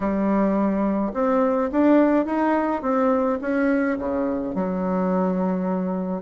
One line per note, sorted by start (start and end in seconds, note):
0.00 1.12 G3
1.13 1.70 C4
1.71 2.25 D4
2.25 2.81 D#4
2.81 3.38 C4
3.41 3.98 C#4
3.98 4.54 C#3
4.54 6.22 F#3